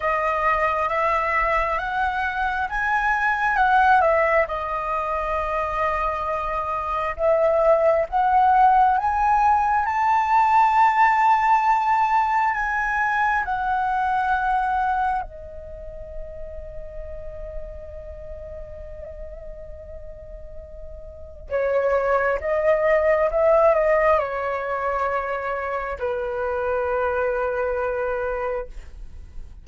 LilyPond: \new Staff \with { instrumentName = "flute" } { \time 4/4 \tempo 4 = 67 dis''4 e''4 fis''4 gis''4 | fis''8 e''8 dis''2. | e''4 fis''4 gis''4 a''4~ | a''2 gis''4 fis''4~ |
fis''4 dis''2.~ | dis''1 | cis''4 dis''4 e''8 dis''8 cis''4~ | cis''4 b'2. | }